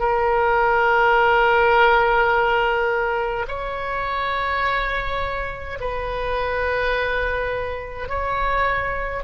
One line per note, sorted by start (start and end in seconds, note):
0.00 3.46 A#4
3.48 5.79 C#5
5.81 8.09 B4
8.09 9.24 C#5